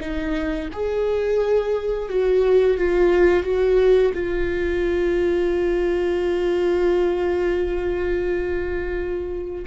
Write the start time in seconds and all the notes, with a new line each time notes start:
0.00 D#4
0.72 G#4
2.09 F#4
2.77 F4
3.43 F#4
4.14 F4